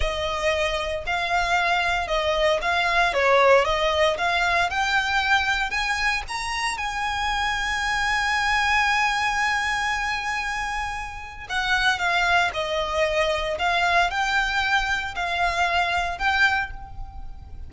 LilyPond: \new Staff \with { instrumentName = "violin" } { \time 4/4 \tempo 4 = 115 dis''2 f''2 | dis''4 f''4 cis''4 dis''4 | f''4 g''2 gis''4 | ais''4 gis''2.~ |
gis''1~ | gis''2 fis''4 f''4 | dis''2 f''4 g''4~ | g''4 f''2 g''4 | }